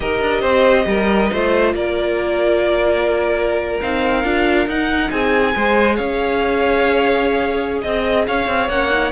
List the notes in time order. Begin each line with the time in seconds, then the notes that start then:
0.00 D#4 G4 A#4 D#5
0.20 D4
0.40 C4 C5
0.86 G3 A#4
1.31 A3 F4 C5
1.73 A#3 A#4 D5
3.81 C4 D#4 F5
4.24 D4 F4
4.67 D#4 F#5
5.11 C4 G#4 G#5
5.52 G#3 G#4 C5
5.96 C#4 C#5 F5
7.81 C4 D#5
8.27 C#4 C#5 F5
8.47 C4
8.68 A#3 C#4 F#5
8.90 D#4